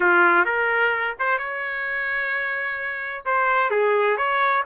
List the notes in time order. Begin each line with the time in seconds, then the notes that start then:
0.00 F4
0.45 A#4
1.19 C5
1.38 C#5
3.25 C5
3.70 G#4
4.17 C#5